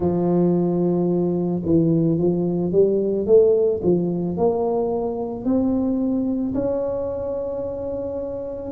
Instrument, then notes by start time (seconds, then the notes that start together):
tuba
0.00 F3
1.65 E3
2.18 F3
2.72 G3
3.26 A3
3.83 F3
4.37 A#3
5.44 C4
6.54 C#4